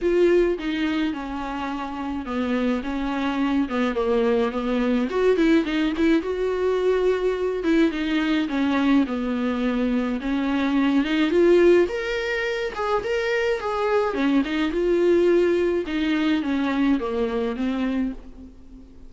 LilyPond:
\new Staff \with { instrumentName = "viola" } { \time 4/4 \tempo 4 = 106 f'4 dis'4 cis'2 | b4 cis'4. b8 ais4 | b4 fis'8 e'8 dis'8 e'8 fis'4~ | fis'4. e'8 dis'4 cis'4 |
b2 cis'4. dis'8 | f'4 ais'4. gis'8 ais'4 | gis'4 cis'8 dis'8 f'2 | dis'4 cis'4 ais4 c'4 | }